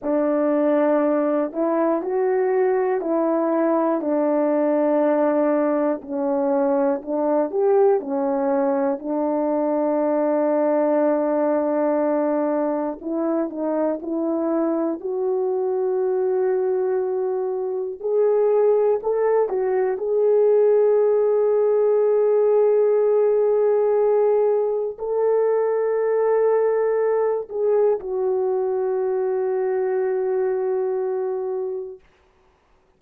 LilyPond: \new Staff \with { instrumentName = "horn" } { \time 4/4 \tempo 4 = 60 d'4. e'8 fis'4 e'4 | d'2 cis'4 d'8 g'8 | cis'4 d'2.~ | d'4 e'8 dis'8 e'4 fis'4~ |
fis'2 gis'4 a'8 fis'8 | gis'1~ | gis'4 a'2~ a'8 gis'8 | fis'1 | }